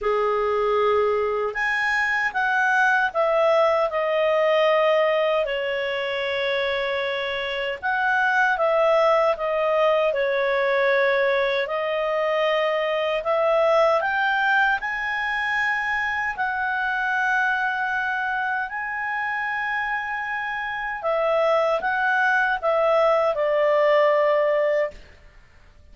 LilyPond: \new Staff \with { instrumentName = "clarinet" } { \time 4/4 \tempo 4 = 77 gis'2 gis''4 fis''4 | e''4 dis''2 cis''4~ | cis''2 fis''4 e''4 | dis''4 cis''2 dis''4~ |
dis''4 e''4 g''4 gis''4~ | gis''4 fis''2. | gis''2. e''4 | fis''4 e''4 d''2 | }